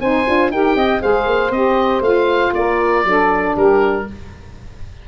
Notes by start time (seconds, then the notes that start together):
0.00 C4 D#4 C5 G#5
0.26 D4 F4
0.51 D#4 G4 A#4 G5
0.75 C4 D#5
1.00 G#3 G#4 C5 F5
1.26 A#3
1.50 C4 G4 D#5
2.00 A3 F4 F5
2.53 A#3 A#4 D5
3.04 F#3 D4 A4
3.56 G3 G4 A#4